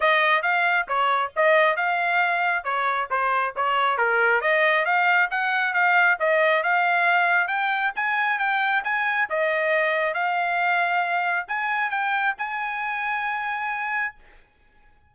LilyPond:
\new Staff \with { instrumentName = "trumpet" } { \time 4/4 \tempo 4 = 136 dis''4 f''4 cis''4 dis''4 | f''2 cis''4 c''4 | cis''4 ais'4 dis''4 f''4 | fis''4 f''4 dis''4 f''4~ |
f''4 g''4 gis''4 g''4 | gis''4 dis''2 f''4~ | f''2 gis''4 g''4 | gis''1 | }